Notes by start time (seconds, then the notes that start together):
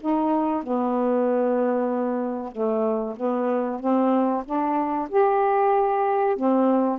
0.00 D#4
0.63 B3
2.52 A3
3.16 B3
3.79 C4
4.45 D4
5.09 G4
6.36 C4